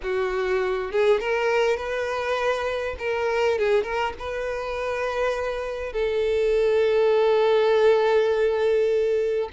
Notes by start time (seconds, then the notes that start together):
0.03 F#4
0.91 G#4
1.20 A#4
1.76 B4
2.99 A#4
3.58 G#4
3.83 A#4
4.18 B4
5.92 A4